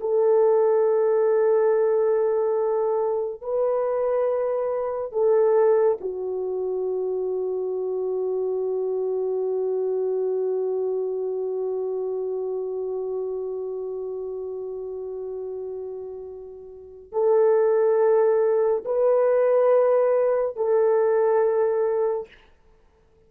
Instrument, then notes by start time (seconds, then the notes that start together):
horn
0.00 A4
3.41 B4
5.12 A4
6.00 F#4
17.12 A4
18.85 B4
20.56 A4